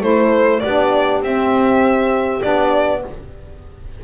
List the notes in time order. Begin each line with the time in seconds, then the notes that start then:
0.00 A3 E4 A4 C5
0.60 B3 D4 G4 D5
1.21 C4 E5
2.41 B3 D4 D5